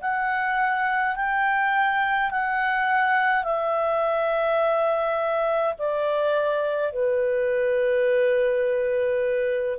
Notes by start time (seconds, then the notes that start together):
0.00 F#5
1.15 G5
2.30 F#5
3.43 E5
5.77 D5
6.92 B4